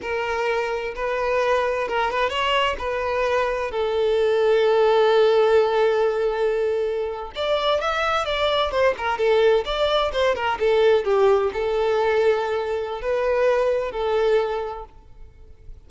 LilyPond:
\new Staff \with { instrumentName = "violin" } { \time 4/4 \tempo 4 = 129 ais'2 b'2 | ais'8 b'8 cis''4 b'2 | a'1~ | a'2.~ a'8. d''16~ |
d''8. e''4 d''4 c''8 ais'8 a'16~ | a'8. d''4 c''8 ais'8 a'4 g'16~ | g'8. a'2.~ a'16 | b'2 a'2 | }